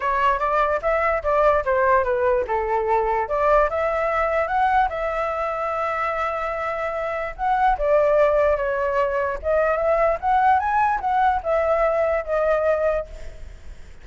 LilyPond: \new Staff \with { instrumentName = "flute" } { \time 4/4 \tempo 4 = 147 cis''4 d''4 e''4 d''4 | c''4 b'4 a'2 | d''4 e''2 fis''4 | e''1~ |
e''2 fis''4 d''4~ | d''4 cis''2 dis''4 | e''4 fis''4 gis''4 fis''4 | e''2 dis''2 | }